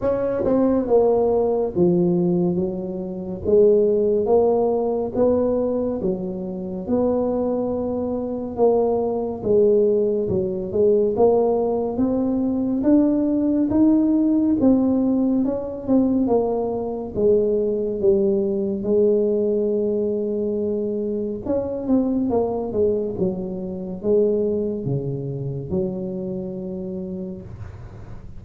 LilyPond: \new Staff \with { instrumentName = "tuba" } { \time 4/4 \tempo 4 = 70 cis'8 c'8 ais4 f4 fis4 | gis4 ais4 b4 fis4 | b2 ais4 gis4 | fis8 gis8 ais4 c'4 d'4 |
dis'4 c'4 cis'8 c'8 ais4 | gis4 g4 gis2~ | gis4 cis'8 c'8 ais8 gis8 fis4 | gis4 cis4 fis2 | }